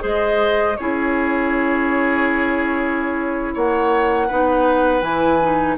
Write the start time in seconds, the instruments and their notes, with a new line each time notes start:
0.00 bassoon G#3, clarinet G#4, oboe C5, flute D#5
0.76 bassoon C#4, clarinet E4, oboe G#4, flute C#5
3.54 bassoon A#3, oboe C#5, flute F#5
4.27 bassoon B3, clarinet D#4, oboe B4
5.01 bassoon E3, clarinet E4, flute G#5
5.42 clarinet D#4